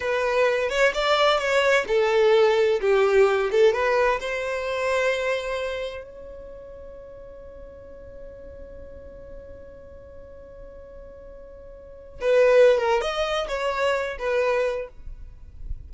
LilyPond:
\new Staff \with { instrumentName = "violin" } { \time 4/4 \tempo 4 = 129 b'4. cis''8 d''4 cis''4 | a'2 g'4. a'8 | b'4 c''2.~ | c''4 cis''2.~ |
cis''1~ | cis''1~ | cis''2~ cis''16 b'4~ b'16 ais'8 | dis''4 cis''4. b'4. | }